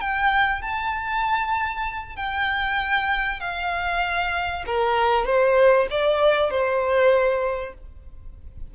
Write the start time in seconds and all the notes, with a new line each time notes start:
0.00 G5
0.61 A5
2.16 G5
3.40 F5
4.66 A#4
5.25 C5
5.90 D5
6.50 C5